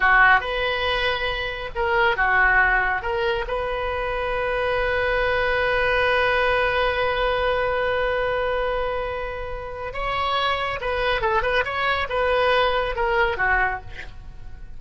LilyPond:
\new Staff \with { instrumentName = "oboe" } { \time 4/4 \tempo 4 = 139 fis'4 b'2. | ais'4 fis'2 ais'4 | b'1~ | b'1~ |
b'1~ | b'2. cis''4~ | cis''4 b'4 a'8 b'8 cis''4 | b'2 ais'4 fis'4 | }